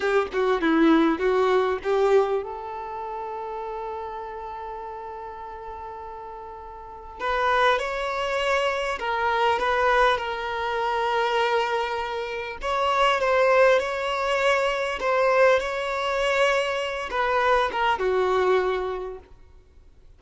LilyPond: \new Staff \with { instrumentName = "violin" } { \time 4/4 \tempo 4 = 100 g'8 fis'8 e'4 fis'4 g'4 | a'1~ | a'1 | b'4 cis''2 ais'4 |
b'4 ais'2.~ | ais'4 cis''4 c''4 cis''4~ | cis''4 c''4 cis''2~ | cis''8 b'4 ais'8 fis'2 | }